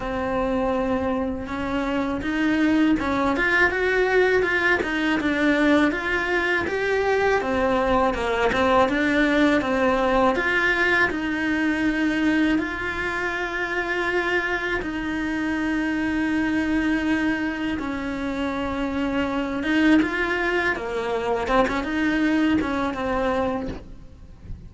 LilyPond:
\new Staff \with { instrumentName = "cello" } { \time 4/4 \tempo 4 = 81 c'2 cis'4 dis'4 | cis'8 f'8 fis'4 f'8 dis'8 d'4 | f'4 g'4 c'4 ais8 c'8 | d'4 c'4 f'4 dis'4~ |
dis'4 f'2. | dis'1 | cis'2~ cis'8 dis'8 f'4 | ais4 c'16 cis'16 dis'4 cis'8 c'4 | }